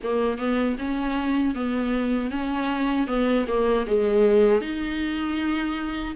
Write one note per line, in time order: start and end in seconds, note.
0.03 0.37 A#3
0.37 0.76 B3
0.78 1.54 C#4
1.54 2.30 B3
2.30 3.07 C#4
3.07 3.45 B3
3.47 3.86 A#3
3.86 4.61 G#3
4.61 6.15 D#4